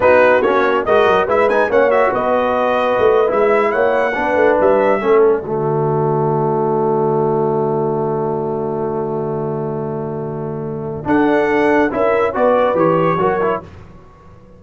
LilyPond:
<<
  \new Staff \with { instrumentName = "trumpet" } { \time 4/4 \tempo 4 = 141 b'4 cis''4 dis''4 e''8 gis''8 | fis''8 e''8 dis''2~ dis''8. e''16~ | e''8. fis''2 e''4~ e''16~ | e''16 d''2.~ d''8.~ |
d''1~ | d''1~ | d''2 fis''2 | e''4 d''4 cis''2 | }
  \new Staff \with { instrumentName = "horn" } { \time 4/4 fis'2 ais'4 b'4 | cis''4 b'2.~ | b'8. cis''4 b'2 a'16~ | a'8. fis'2.~ fis'16~ |
fis'1~ | fis'1~ | fis'2 a'2 | ais'4 b'2 ais'4 | }
  \new Staff \with { instrumentName = "trombone" } { \time 4/4 dis'4 cis'4 fis'4 e'8 dis'8 | cis'8 fis'2.~ fis'16 e'16~ | e'4.~ e'16 d'2 cis'16~ | cis'8. a2.~ a16~ |
a1~ | a1~ | a2 d'2 | e'4 fis'4 g'4 fis'8 e'8 | }
  \new Staff \with { instrumentName = "tuba" } { \time 4/4 b4 ais4 gis8 fis8 gis4 | ais4 b2 a8. gis16~ | gis8. ais4 b8 a8 g4 a16~ | a8. d2.~ d16~ |
d1~ | d1~ | d2 d'2 | cis'4 b4 e4 fis4 | }
>>